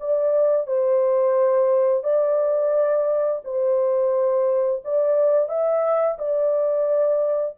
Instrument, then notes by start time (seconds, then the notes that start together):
horn
0.00 D5
0.66 C5
2.03 D5
3.44 C5
4.84 D5
5.49 E5
6.18 D5